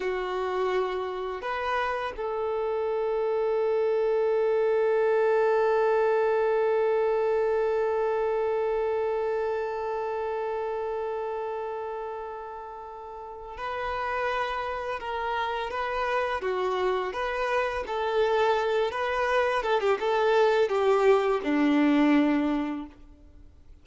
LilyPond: \new Staff \with { instrumentName = "violin" } { \time 4/4 \tempo 4 = 84 fis'2 b'4 a'4~ | a'1~ | a'1~ | a'1~ |
a'2. b'4~ | b'4 ais'4 b'4 fis'4 | b'4 a'4. b'4 a'16 g'16 | a'4 g'4 d'2 | }